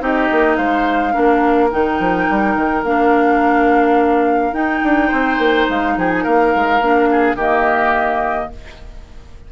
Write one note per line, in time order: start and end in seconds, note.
0.00 0.29 C4
0.00 1.13 D#4
0.00 0.58 G4
0.00 0.56 D#5
0.32 0.58 A#3
0.56 1.15 G#3
0.56 1.14 C5
0.56 1.70 F5
1.13 1.73 A#3
1.13 1.70 D4
1.13 5.08 A#4
1.71 2.00 D#3
1.71 2.84 D#4
1.71 2.84 G5
2.00 2.28 F3
2.30 2.56 G3
2.56 2.84 D#3
2.84 4.53 A#3
2.84 4.54 D4
2.84 4.54 F5
4.53 4.81 D#4
4.53 6.80 D#4
4.53 5.67 G5
4.84 5.12 D4
5.08 5.39 C4
5.08 5.93 C5
5.39 5.67 A#3
5.69 5.97 G#3
5.69 5.98 F5
5.97 6.25 F3
5.97 6.24 G#4
5.97 6.11 G5
6.11 6.24 G#5
6.24 6.55 A#3
6.24 7.09 A#4
6.24 7.37 F5
6.55 6.81 G#3
6.81 7.35 A#3
6.81 7.39 D4
7.11 7.36 G#4
7.35 8.48 D#3
7.35 8.52 A#3
7.35 8.50 G4
7.35 8.53 D#5